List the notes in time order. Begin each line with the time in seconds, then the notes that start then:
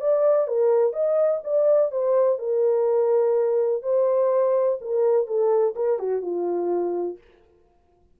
0.00 D5
0.47 A#4
0.93 D#5
1.44 D5
1.91 C5
2.38 A#4
3.82 C5
4.80 A#4
5.26 A4
5.75 A#4
5.99 F#4
6.21 F4